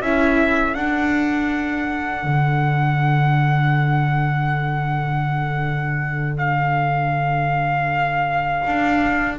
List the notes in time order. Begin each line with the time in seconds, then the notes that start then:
0.00 C#4 E4 A4 E5
0.74 D4 F#5
2.24 D3
6.38 F5
8.67 D4